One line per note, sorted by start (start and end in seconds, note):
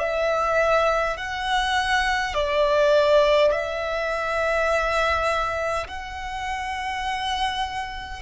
0.00 1.18 E5
1.18 2.34 F#5
2.34 3.52 D5
3.52 5.87 E5
5.88 8.22 F#5